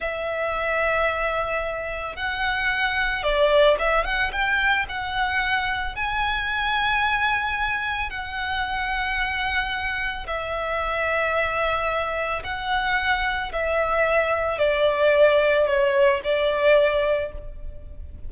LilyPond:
\new Staff \with { instrumentName = "violin" } { \time 4/4 \tempo 4 = 111 e''1 | fis''2 d''4 e''8 fis''8 | g''4 fis''2 gis''4~ | gis''2. fis''4~ |
fis''2. e''4~ | e''2. fis''4~ | fis''4 e''2 d''4~ | d''4 cis''4 d''2 | }